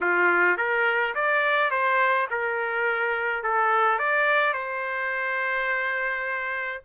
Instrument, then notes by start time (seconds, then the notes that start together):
trumpet
0.01 F4
0.57 A#4
1.15 D5
1.70 C5
2.30 A#4
3.43 A4
3.98 D5
4.53 C5